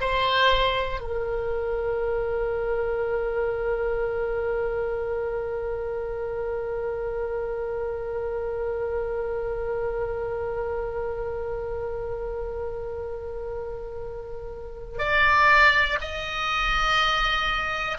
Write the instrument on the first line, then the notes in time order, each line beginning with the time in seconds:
oboe
0.00 C5
1.00 A#4
14.98 D5
16.01 D#5